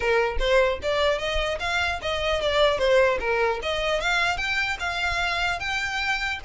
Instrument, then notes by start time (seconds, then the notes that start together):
violin
0.00 A#4
0.39 C5
0.82 D5
1.18 D#5
1.59 F5
2.02 D#5
2.41 D5
2.78 C5
3.19 A#4
3.62 D#5
4.00 F5
4.37 G5
4.79 F5
5.59 G5